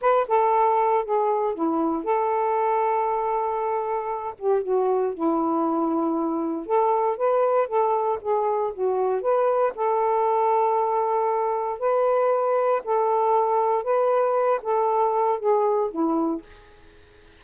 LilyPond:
\new Staff \with { instrumentName = "saxophone" } { \time 4/4 \tempo 4 = 117 b'8 a'4. gis'4 e'4 | a'1~ | a'8 g'8 fis'4 e'2~ | e'4 a'4 b'4 a'4 |
gis'4 fis'4 b'4 a'4~ | a'2. b'4~ | b'4 a'2 b'4~ | b'8 a'4. gis'4 e'4 | }